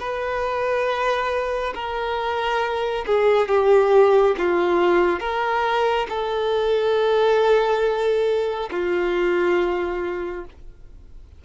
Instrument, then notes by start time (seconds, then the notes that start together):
violin
0.00 B4
1.75 A#4
3.06 G#4
3.49 G4
4.38 F4
5.20 A#4
6.09 A4
8.71 F4